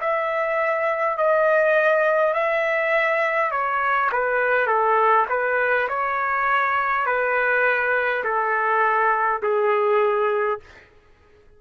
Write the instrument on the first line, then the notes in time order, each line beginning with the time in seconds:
trumpet
0.00 E5
1.18 D#5
2.33 E5
3.51 C#5
4.12 B4
4.66 A4
5.29 B4
5.88 C#5
7.06 B4
8.24 A4
9.42 G#4